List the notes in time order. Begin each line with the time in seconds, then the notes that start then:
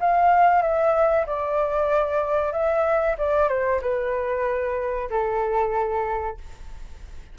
0.00 F5
0.62 E5
1.26 D5
2.52 E5
3.18 D5
3.48 C5
3.82 B4
5.10 A4